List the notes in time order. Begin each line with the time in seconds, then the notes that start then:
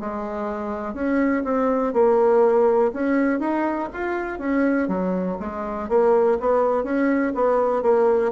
0.00 G#3
0.94 C#4
1.44 C4
1.93 A#3
2.93 C#4
3.39 D#4
3.93 F4
4.39 C#4
4.88 F#3
5.40 G#3
5.88 A#3
6.40 B3
6.84 C#4
7.35 B3
7.82 A#3